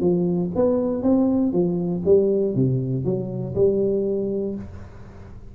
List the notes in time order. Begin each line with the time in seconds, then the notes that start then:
0.00 F3
0.55 B3
1.02 C4
1.52 F3
2.05 G3
2.55 C3
3.05 F#3
3.55 G3